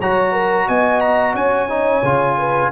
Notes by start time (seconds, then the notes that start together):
0.00 F#3 F#4 C#5 A#5
0.32 A#4
0.68 B3 D#5 G#5
1.01 A#5
1.34 C#4 C#5 G#5
1.69 D#4
2.03 C#3 F4
2.38 B4